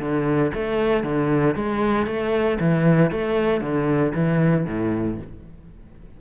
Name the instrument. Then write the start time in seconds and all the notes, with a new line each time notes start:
cello
0.00 D3
0.54 A3
1.04 D3
1.55 G#3
2.07 A3
2.60 E3
3.11 A3
3.61 D3
4.14 E3
4.66 A2